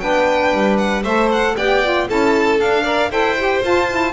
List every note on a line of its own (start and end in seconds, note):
0.00 0.53 B3
0.00 1.03 D4
0.00 1.03 B4
0.00 0.77 G5
0.53 1.04 G3
0.78 1.03 F#5
1.03 1.56 A3
1.03 1.58 A4
1.03 1.54 C5
1.03 1.30 E5
1.32 1.57 F#5
1.57 2.09 B3
1.57 1.83 G4
1.57 2.08 D5
1.57 2.08 G5
1.83 2.09 F4
2.09 2.60 C#4
2.09 2.58 E4
2.09 2.83 A4
2.09 2.60 A5
2.58 2.84 D4
2.58 3.11 D4
2.58 3.12 F5
2.83 3.10 A#4
2.83 3.09 D5
3.10 3.62 E4
3.10 3.36 A4
3.10 4.13 C5
3.10 3.63 G5
3.37 3.62 G4
3.62 3.88 F4
3.62 4.13 F4
3.62 4.13 A5
3.90 4.13 E4